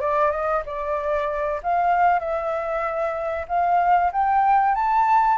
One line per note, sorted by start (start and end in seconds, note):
0.00 0.31 D5
0.31 0.63 D#5
0.65 1.60 D5
1.63 2.19 F5
2.19 3.45 E5
3.48 4.11 F5
4.12 4.75 G5
4.75 5.37 A5